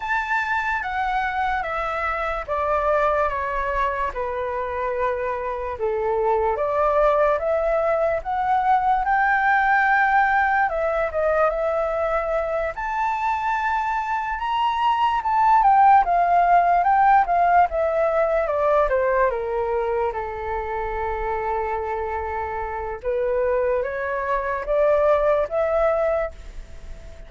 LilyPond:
\new Staff \with { instrumentName = "flute" } { \time 4/4 \tempo 4 = 73 a''4 fis''4 e''4 d''4 | cis''4 b'2 a'4 | d''4 e''4 fis''4 g''4~ | g''4 e''8 dis''8 e''4. a''8~ |
a''4. ais''4 a''8 g''8 f''8~ | f''8 g''8 f''8 e''4 d''8 c''8 ais'8~ | ais'8 a'2.~ a'8 | b'4 cis''4 d''4 e''4 | }